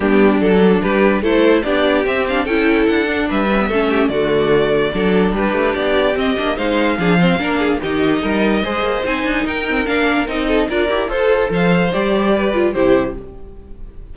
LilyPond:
<<
  \new Staff \with { instrumentName = "violin" } { \time 4/4 \tempo 4 = 146 g'4 a'4 b'4 c''4 | d''4 e''8 f''8 g''4 fis''4 | e''2 d''2~ | d''4 b'4 d''4 dis''4 |
f''2. dis''4~ | dis''2 gis''4 g''4 | f''4 dis''4 d''4 c''4 | f''4 d''2 c''4 | }
  \new Staff \with { instrumentName = "violin" } { \time 4/4 d'2 g'4 a'4 | g'2 a'2 | b'4 a'8 g'8 fis'2 | a'4 g'2. |
c''4 gis'8 c''8 ais'8 gis'8 g'4 | ais'4 c''2 ais'4~ | ais'4. a'8 ais'4 a'4 | c''2 b'4 g'4 | }
  \new Staff \with { instrumentName = "viola" } { \time 4/4 b4 d'2 e'4 | d'4 c'8 d'8 e'4. d'8~ | d'8 cis'16 b16 cis'4 a2 | d'2. c'8 d'8 |
dis'4 d'8 c'8 d'4 dis'4~ | dis'4 gis'4 dis'4. c'8 | d'4 dis'4 f'8 g'8 a'4~ | a'4 g'4. f'8 e'4 | }
  \new Staff \with { instrumentName = "cello" } { \time 4/4 g4 fis4 g4 a4 | b4 c'4 cis'4 d'4 | g4 a4 d2 | fis4 g8 a8 b4 c'8 ais8 |
gis4 f4 ais4 dis4 | g4 gis8 ais8 c'8 d'8 dis'4 | ais4 c'4 d'8 e'8 f'4 | f4 g2 c4 | }
>>